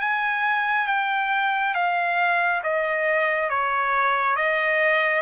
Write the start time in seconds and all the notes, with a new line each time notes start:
0.00 G#5
0.87 G5
1.74 F5
2.63 D#5
3.49 C#5
4.36 D#5